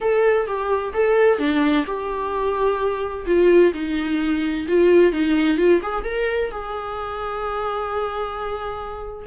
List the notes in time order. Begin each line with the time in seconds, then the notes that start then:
0.00 A4
0.47 G4
0.93 A4
1.38 D4
1.86 G4
3.26 F4
3.73 D#4
4.68 F4
5.12 D#4
5.57 F4
5.82 G#4
6.04 A#4
6.51 G#4